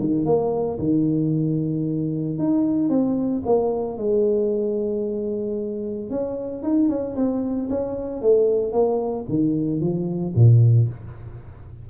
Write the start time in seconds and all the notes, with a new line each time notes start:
0.00 D#3
0.26 A#3
0.79 D#3
2.39 D#4
2.90 C4
3.46 A#3
3.98 G#3
6.10 C#4
6.63 D#4
6.89 C#4
7.16 C4
7.70 C#4
8.22 A3
8.73 A#3
9.29 D#3
9.81 F3
10.36 A#2